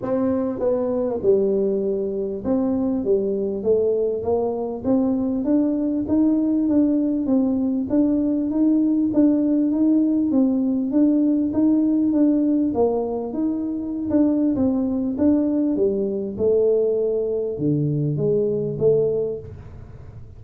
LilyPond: \new Staff \with { instrumentName = "tuba" } { \time 4/4 \tempo 4 = 99 c'4 b4 g2 | c'4 g4 a4 ais4 | c'4 d'4 dis'4 d'4 | c'4 d'4 dis'4 d'4 |
dis'4 c'4 d'4 dis'4 | d'4 ais4 dis'4~ dis'16 d'8. | c'4 d'4 g4 a4~ | a4 d4 gis4 a4 | }